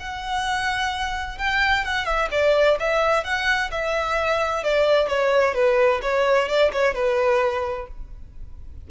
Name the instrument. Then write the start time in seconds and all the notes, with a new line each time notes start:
violin
0.00 F#5
1.38 G5
1.85 F#5
2.06 E5
2.32 D5
2.80 E5
3.24 F#5
3.72 E5
4.64 D5
5.09 C#5
5.55 B4
6.03 C#5
6.49 D5
6.73 C#5
6.95 B4